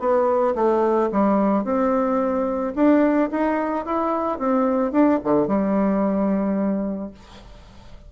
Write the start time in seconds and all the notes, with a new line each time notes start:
0.00 B3
0.55 A3
1.12 G3
1.64 C4
2.75 D4
3.31 D#4
3.85 E4
4.38 C4
4.92 D4
5.24 D3
5.47 G3